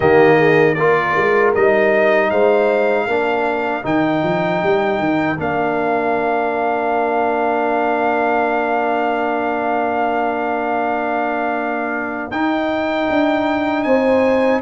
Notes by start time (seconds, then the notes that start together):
0.00 D#3 A#3 G4 D#5
0.37 G#4
0.74 A#3 F4 A#4 D5
1.16 G#3
1.54 G3 D#4 D#5
2.30 G#3 C5 F5
3.06 A#3 D4 A#4
3.83 D#3 D#4 G5
4.23 F3
4.63 G3
4.98 D#3
5.38 A#3 D4 F5
12.31 D#4 G5
13.09 D4
13.83 C4 C5 G#5